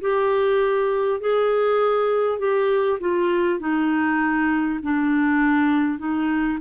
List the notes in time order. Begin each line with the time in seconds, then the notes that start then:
0.00 G4
1.20 G#4
2.38 G4
2.99 F4
3.59 D#4
4.83 D4
5.98 D#4